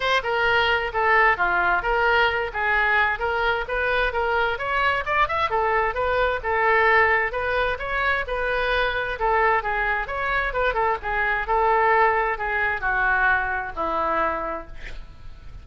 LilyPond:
\new Staff \with { instrumentName = "oboe" } { \time 4/4 \tempo 4 = 131 c''8 ais'4. a'4 f'4 | ais'4. gis'4. ais'4 | b'4 ais'4 cis''4 d''8 e''8 | a'4 b'4 a'2 |
b'4 cis''4 b'2 | a'4 gis'4 cis''4 b'8 a'8 | gis'4 a'2 gis'4 | fis'2 e'2 | }